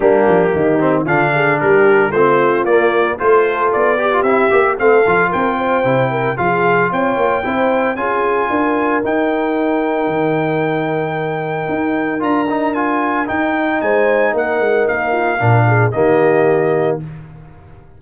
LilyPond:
<<
  \new Staff \with { instrumentName = "trumpet" } { \time 4/4 \tempo 4 = 113 g'2 f''4 ais'4 | c''4 d''4 c''4 d''4 | e''4 f''4 g''2 | f''4 g''2 gis''4~ |
gis''4 g''2.~ | g''2. ais''4 | gis''4 g''4 gis''4 fis''4 | f''2 dis''2 | }
  \new Staff \with { instrumentName = "horn" } { \time 4/4 d'4 dis'4 f'8 gis'8 g'4 | f'2 a'4. g'8~ | g'4 a'4 ais'8 c''4 ais'8 | gis'4 cis''4 c''4 gis'4 |
ais'1~ | ais'1~ | ais'2 c''4 ais'4~ | ais'8 f'8 ais'8 gis'8 g'2 | }
  \new Staff \with { instrumentName = "trombone" } { \time 4/4 ais4. c'8 d'2 | c'4 ais4 f'4. g'16 f'16 | e'8 g'8 c'8 f'4. e'4 | f'2 e'4 f'4~ |
f'4 dis'2.~ | dis'2. f'8 dis'8 | f'4 dis'2.~ | dis'4 d'4 ais2 | }
  \new Staff \with { instrumentName = "tuba" } { \time 4/4 g8 f8 dis4 d4 g4 | a4 ais4 a4 b4 | c'8 ais8 a8 f8 c'4 c4 | f4 c'8 ais8 c'4 cis'4 |
d'4 dis'2 dis4~ | dis2 dis'4 d'4~ | d'4 dis'4 gis4 ais8 gis8 | ais4 ais,4 dis2 | }
>>